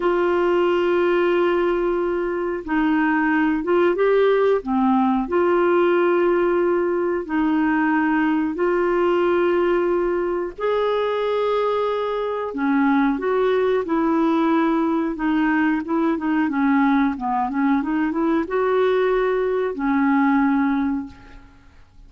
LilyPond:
\new Staff \with { instrumentName = "clarinet" } { \time 4/4 \tempo 4 = 91 f'1 | dis'4. f'8 g'4 c'4 | f'2. dis'4~ | dis'4 f'2. |
gis'2. cis'4 | fis'4 e'2 dis'4 | e'8 dis'8 cis'4 b8 cis'8 dis'8 e'8 | fis'2 cis'2 | }